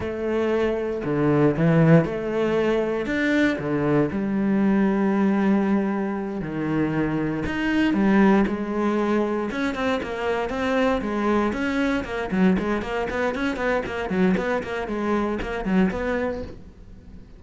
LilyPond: \new Staff \with { instrumentName = "cello" } { \time 4/4 \tempo 4 = 117 a2 d4 e4 | a2 d'4 d4 | g1~ | g8 dis2 dis'4 g8~ |
g8 gis2 cis'8 c'8 ais8~ | ais8 c'4 gis4 cis'4 ais8 | fis8 gis8 ais8 b8 cis'8 b8 ais8 fis8 | b8 ais8 gis4 ais8 fis8 b4 | }